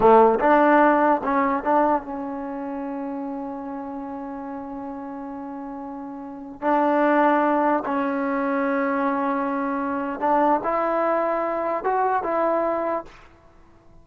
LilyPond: \new Staff \with { instrumentName = "trombone" } { \time 4/4 \tempo 4 = 147 a4 d'2 cis'4 | d'4 cis'2.~ | cis'1~ | cis'1~ |
cis'16 d'2. cis'8.~ | cis'1~ | cis'4 d'4 e'2~ | e'4 fis'4 e'2 | }